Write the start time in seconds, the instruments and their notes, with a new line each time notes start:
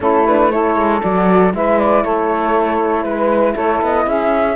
0.00 cello A3, horn C#4, saxophone E4, flute A4
0.26 horn D4, flute B4
0.50 horn E4, saxophone A4, flute C#5
0.75 cello G#3
1.02 cello F#3, horn F#4, flute D5
1.53 cello G#3, horn E4, saxophone B4, flute E5
1.79 flute D5
2.03 cello A3, saxophone A4, flute C#5
3.03 cello G#3, flute B4, saxophone B4
3.54 cello A3, saxophone A4, flute C#5
3.81 cello B3, flute D#5
4.06 cello C#4, saxophone G#4, flute E5